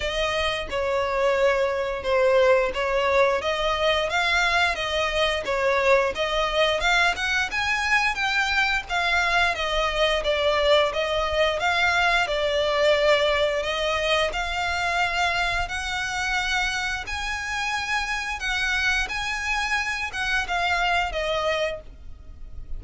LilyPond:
\new Staff \with { instrumentName = "violin" } { \time 4/4 \tempo 4 = 88 dis''4 cis''2 c''4 | cis''4 dis''4 f''4 dis''4 | cis''4 dis''4 f''8 fis''8 gis''4 | g''4 f''4 dis''4 d''4 |
dis''4 f''4 d''2 | dis''4 f''2 fis''4~ | fis''4 gis''2 fis''4 | gis''4. fis''8 f''4 dis''4 | }